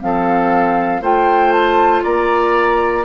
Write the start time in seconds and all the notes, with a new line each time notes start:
0.00 F3 C4 A4 F5
1.01 A3 F4 C5 G5
1.52 A5
2.03 A#3 D5 A#5